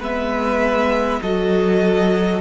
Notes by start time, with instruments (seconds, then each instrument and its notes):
0.00 cello G#3, viola B3, violin B4 E5
1.22 cello F#3, viola F#4, violin A4 D#5